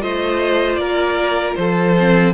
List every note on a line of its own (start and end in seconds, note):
0.00 0.76 A3
0.00 1.95 F4
0.00 0.79 C5
0.00 0.75 D#5
0.75 1.54 A#3
0.75 1.57 A#4
0.75 1.53 D5
1.55 2.33 F3
1.55 2.33 A4
1.55 2.33 C5
1.99 2.33 C4